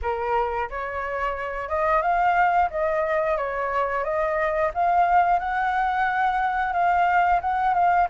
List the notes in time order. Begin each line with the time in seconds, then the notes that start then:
0.02 A#4
0.70 C#5
1.68 D#5
2.02 F5
2.70 D#5
3.37 C#5
4.04 D#5
4.74 F5
5.39 F#5
6.72 F5
7.41 F#5
7.74 F5